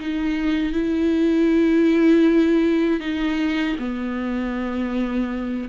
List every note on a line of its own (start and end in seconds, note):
0.00 0.73 D#4
0.73 3.00 E4
3.00 3.76 D#4
3.79 5.69 B3